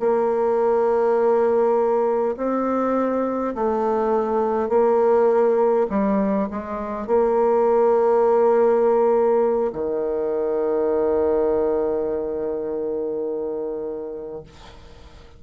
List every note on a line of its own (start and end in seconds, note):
0.00 2.35 A#3
2.37 3.55 C4
3.55 4.69 A3
4.69 5.87 A#3
5.90 6.49 G3
6.51 7.07 G#3
7.07 9.72 A#3
9.73 14.43 D#3